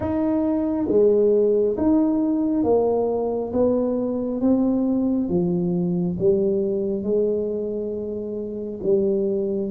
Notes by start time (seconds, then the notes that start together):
0.00 D#4
0.88 G#3
1.77 D#4
2.63 A#3
3.53 B3
4.40 C4
5.29 F3
6.19 G3
7.03 G#3
8.83 G3